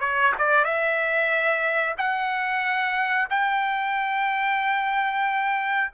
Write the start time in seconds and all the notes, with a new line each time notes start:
0.00 C#5
0.38 D5
0.64 E5
1.97 F#5
3.30 G5